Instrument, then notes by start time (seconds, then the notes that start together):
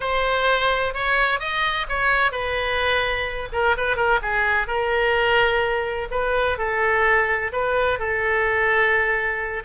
oboe
0.00 C5
0.94 C#5
1.39 D#5
1.88 C#5
2.31 B4
3.52 A#4
3.77 B4
3.96 A#4
4.22 G#4
4.67 A#4
6.11 B4
6.58 A4
7.52 B4
7.99 A4